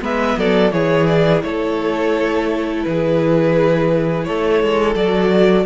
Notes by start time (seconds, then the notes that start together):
0.00 G#3 B3 B4 E5
0.37 F#3 A4 D5
0.72 E3 E4 G#4 C#5
1.06 D5
1.42 A3 A4 C#5
2.83 E3 G#4 B4
4.24 A3 A4 C#5
4.63 G#3
4.95 F#3 F#4 D5